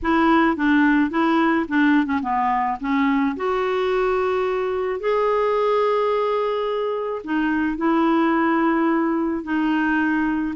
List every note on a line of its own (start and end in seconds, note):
0.02 0.56 E4
0.56 1.10 D4
1.10 1.66 E4
1.68 2.06 D4
2.06 2.19 C#4
2.22 2.78 B3
2.80 3.36 C#4
3.36 4.99 F#4
4.99 7.22 G#4
7.24 7.77 D#4
7.77 9.43 E4
9.43 10.54 D#4